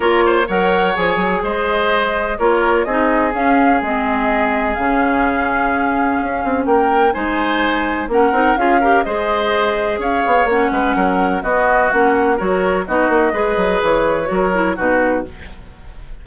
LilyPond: <<
  \new Staff \with { instrumentName = "flute" } { \time 4/4 \tempo 4 = 126 cis''4 fis''4 gis''4 dis''4~ | dis''4 cis''4 dis''4 f''4 | dis''2 f''2~ | f''2 g''4 gis''4~ |
gis''4 fis''4 f''4 dis''4~ | dis''4 f''4 fis''2 | dis''4 fis''4 cis''4 dis''4~ | dis''4 cis''2 b'4 | }
  \new Staff \with { instrumentName = "oboe" } { \time 4/4 ais'8 c''8 cis''2 c''4~ | c''4 ais'4 gis'2~ | gis'1~ | gis'2 ais'4 c''4~ |
c''4 ais'4 gis'8 ais'8 c''4~ | c''4 cis''4. b'8 ais'4 | fis'2 ais'4 fis'4 | b'2 ais'4 fis'4 | }
  \new Staff \with { instrumentName = "clarinet" } { \time 4/4 f'4 ais'4 gis'2~ | gis'4 f'4 dis'4 cis'4 | c'2 cis'2~ | cis'2. dis'4~ |
dis'4 cis'8 dis'8 f'8 g'8 gis'4~ | gis'2 cis'2 | b4 cis'4 fis'4 dis'4 | gis'2 fis'8 e'8 dis'4 | }
  \new Staff \with { instrumentName = "bassoon" } { \time 4/4 ais4 fis4 f8 fis8 gis4~ | gis4 ais4 c'4 cis'4 | gis2 cis2~ | cis4 cis'8 c'8 ais4 gis4~ |
gis4 ais8 c'8 cis'4 gis4~ | gis4 cis'8 b8 ais8 gis8 fis4 | b4 ais4 fis4 b8 ais8 | gis8 fis8 e4 fis4 b,4 | }
>>